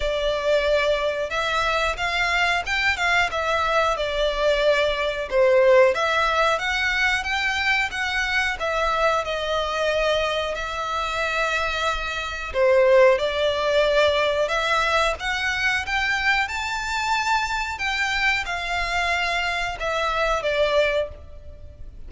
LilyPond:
\new Staff \with { instrumentName = "violin" } { \time 4/4 \tempo 4 = 91 d''2 e''4 f''4 | g''8 f''8 e''4 d''2 | c''4 e''4 fis''4 g''4 | fis''4 e''4 dis''2 |
e''2. c''4 | d''2 e''4 fis''4 | g''4 a''2 g''4 | f''2 e''4 d''4 | }